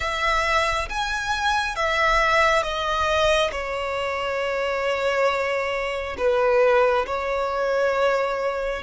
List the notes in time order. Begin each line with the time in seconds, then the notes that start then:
0.00 E5
0.89 G#5
1.75 E5
2.62 D#5
3.51 C#5
6.17 B4
7.06 C#5